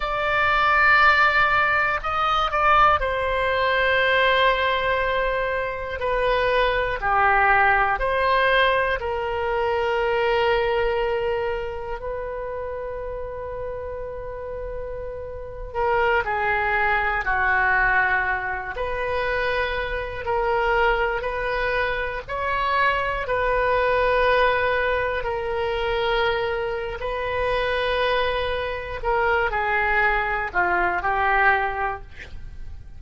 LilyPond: \new Staff \with { instrumentName = "oboe" } { \time 4/4 \tempo 4 = 60 d''2 dis''8 d''8 c''4~ | c''2 b'4 g'4 | c''4 ais'2. | b'2.~ b'8. ais'16~ |
ais'16 gis'4 fis'4. b'4~ b'16~ | b'16 ais'4 b'4 cis''4 b'8.~ | b'4~ b'16 ais'4.~ ais'16 b'4~ | b'4 ais'8 gis'4 f'8 g'4 | }